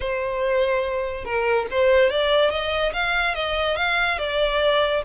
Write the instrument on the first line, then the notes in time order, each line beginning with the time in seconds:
violin
0.00 C5
1.24 A#4
1.70 C5
2.09 D5
2.50 D#5
2.93 F5
3.34 D#5
3.76 F5
4.18 D5